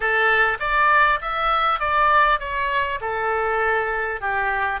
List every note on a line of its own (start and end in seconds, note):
0.00 0.58 A4
0.59 1.19 D5
1.21 1.79 E5
1.79 2.39 D5
2.39 2.99 C#5
3.00 4.20 A4
4.20 4.80 G4